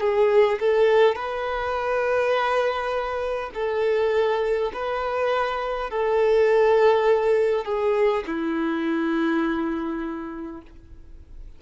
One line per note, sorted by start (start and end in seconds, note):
0.00 0.59 G#4
0.59 1.16 A4
1.16 3.51 B4
3.54 4.72 A4
4.73 5.90 B4
5.90 7.65 A4
7.65 8.24 G#4
8.26 10.61 E4